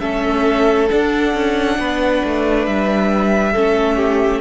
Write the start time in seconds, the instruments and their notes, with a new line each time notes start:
0.00 cello A3, viola C#4, violin A4 E5
0.90 viola D4, cello D4, violin F#5
1.33 cello C#4
1.78 cello B3, violin B4
2.24 cello A3
2.66 cello G3, violin E5
3.52 cello A3, viola C#4, violin A4
3.96 violin G4